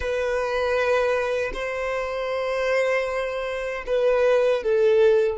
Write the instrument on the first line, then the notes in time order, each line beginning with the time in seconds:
violin
0.00 B4
1.53 C5
3.86 B4
4.63 A4